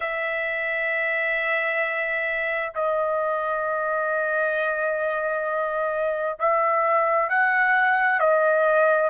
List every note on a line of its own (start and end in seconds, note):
0.00 2.72 E5
2.74 6.38 D#5
6.39 7.29 E5
7.29 8.19 F#5
8.19 9.09 D#5